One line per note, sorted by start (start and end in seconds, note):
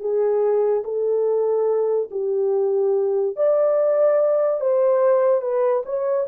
0.00 0.83 G#4
0.84 2.09 A4
2.11 3.36 G4
3.36 4.61 D5
4.61 5.42 C5
5.42 5.83 B4
5.86 6.27 C#5